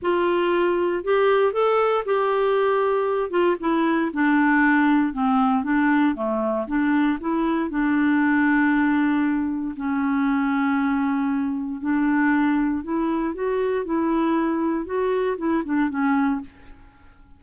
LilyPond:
\new Staff \with { instrumentName = "clarinet" } { \time 4/4 \tempo 4 = 117 f'2 g'4 a'4 | g'2~ g'8 f'8 e'4 | d'2 c'4 d'4 | a4 d'4 e'4 d'4~ |
d'2. cis'4~ | cis'2. d'4~ | d'4 e'4 fis'4 e'4~ | e'4 fis'4 e'8 d'8 cis'4 | }